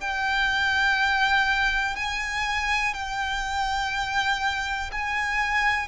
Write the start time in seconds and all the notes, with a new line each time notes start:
0.00 G5
1.96 G#5
2.94 G5
4.91 G#5